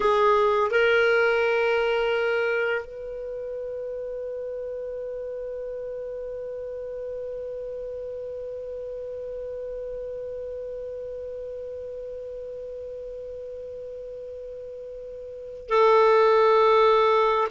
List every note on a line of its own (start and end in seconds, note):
0.00 0.70 G#4
0.70 2.85 A#4
2.85 15.69 B4
15.69 17.47 A4